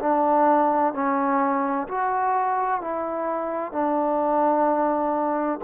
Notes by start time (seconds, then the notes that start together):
0.00 D4
0.94 C#4
1.88 F#4
2.81 E4
3.72 D4